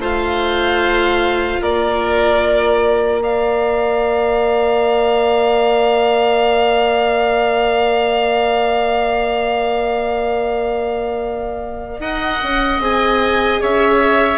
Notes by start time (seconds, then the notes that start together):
0.00 A3 F4 C5 F5
1.61 A#3 A#4 D5
3.19 A#4 D5 F5
12.00 D#4 D#5 F#5
12.44 C#4
12.80 C4 G#4 G#5
13.61 C#4 C#5 E5